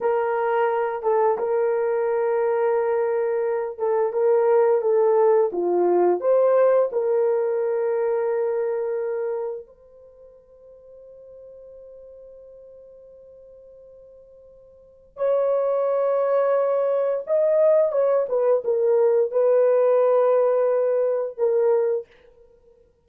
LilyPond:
\new Staff \with { instrumentName = "horn" } { \time 4/4 \tempo 4 = 87 ais'4. a'8 ais'2~ | ais'4. a'8 ais'4 a'4 | f'4 c''4 ais'2~ | ais'2 c''2~ |
c''1~ | c''2 cis''2~ | cis''4 dis''4 cis''8 b'8 ais'4 | b'2. ais'4 | }